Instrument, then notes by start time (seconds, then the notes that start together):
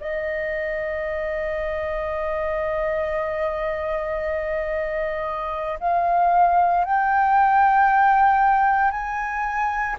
flute
0.00 D#5
5.79 F5
6.84 G5
8.91 G#5